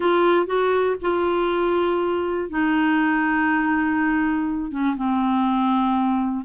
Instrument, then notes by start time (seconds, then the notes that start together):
clarinet
0.00 F4
0.46 F#4
1.01 F4
2.49 D#4
4.71 C#4
4.96 C4